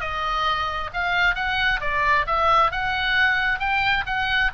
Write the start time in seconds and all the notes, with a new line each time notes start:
0.00 D#5
0.94 F5
1.35 F#5
1.80 D5
2.27 E5
2.71 F#5
3.59 G5
4.06 F#5